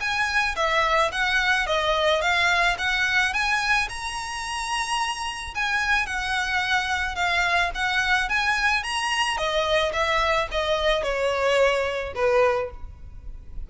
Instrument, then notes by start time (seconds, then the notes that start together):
violin
0.00 G#5
0.56 E5
1.11 F#5
1.66 D#5
2.21 F5
2.78 F#5
3.33 G#5
3.89 A#5
5.54 G#5
6.06 F#5
7.15 F5
7.74 F#5
8.29 G#5
8.83 A#5
9.37 D#5
9.93 E5
10.51 D#5
11.03 C#5
12.15 B4